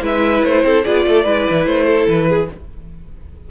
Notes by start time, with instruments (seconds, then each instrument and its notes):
0.00 cello G#3, viola E4, violin B4 E5
0.43 cello A3, violin C5
0.64 cello C4, violin A4
0.84 cello B3, viola F4, violin G#4 D5
1.05 cello A3, violin A4
1.23 cello G#3, viola E4, violin B4
1.50 cello E3
1.66 cello A3, violin C5
1.86 violin A4
2.07 cello E3, violin B4
2.28 violin G#4